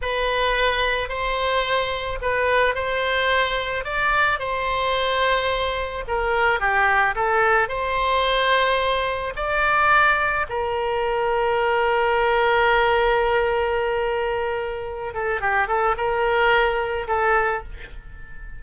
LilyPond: \new Staff \with { instrumentName = "oboe" } { \time 4/4 \tempo 4 = 109 b'2 c''2 | b'4 c''2 d''4 | c''2. ais'4 | g'4 a'4 c''2~ |
c''4 d''2 ais'4~ | ais'1~ | ais'2.~ ais'8 a'8 | g'8 a'8 ais'2 a'4 | }